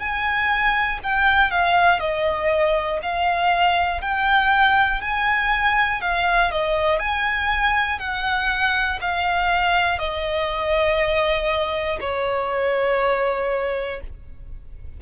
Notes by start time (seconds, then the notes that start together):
0.00 G#5
1.04 G5
1.51 F5
2.00 D#5
3.03 F5
4.01 G5
5.02 G#5
6.01 F5
6.51 D#5
7.00 G#5
8.00 F#5
9.02 F5
9.99 D#5
12.01 C#5